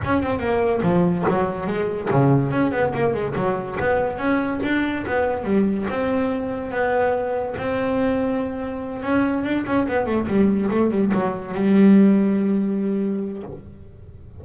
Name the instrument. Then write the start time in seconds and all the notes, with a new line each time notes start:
double bass
0.04 C#4
0.22 C4
0.39 A#3
0.82 F3
1.28 F#3
1.66 G#3
2.10 C#3
2.51 C#4
2.71 B3
2.94 A#3
3.13 G#3
3.35 F#3
3.79 B3
4.17 C#4
4.63 D4
5.06 B3
5.44 G3
5.89 C4
6.71 B3
7.57 C4
9.02 C#4
9.44 D4
9.66 C#4
9.88 B3
10.05 A3
10.27 G3
10.70 A3
10.91 G3
11.14 F#3
11.54 G3